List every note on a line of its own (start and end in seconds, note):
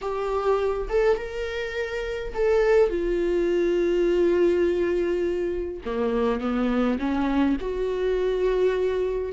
0.01 0.88 G4
0.89 1.17 A4
1.17 2.33 A#4
2.34 2.89 A4
2.89 5.80 F4
5.85 6.40 A#3
6.40 6.98 B3
6.98 7.56 C#4
7.60 9.32 F#4